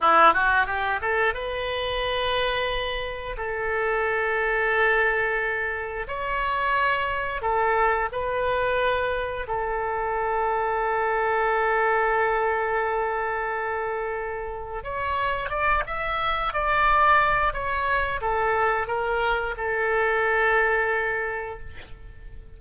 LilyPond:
\new Staff \with { instrumentName = "oboe" } { \time 4/4 \tempo 4 = 89 e'8 fis'8 g'8 a'8 b'2~ | b'4 a'2.~ | a'4 cis''2 a'4 | b'2 a'2~ |
a'1~ | a'2 cis''4 d''8 e''8~ | e''8 d''4. cis''4 a'4 | ais'4 a'2. | }